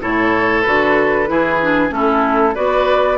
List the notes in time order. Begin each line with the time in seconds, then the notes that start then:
0.00 A2 E4 A4 C#5
0.62 D3 F#4 B4
1.26 E3 E4 G#4
1.62 D4
1.89 A3 C#4 A4
1.96 E4
2.54 B3 F#4 B4 D5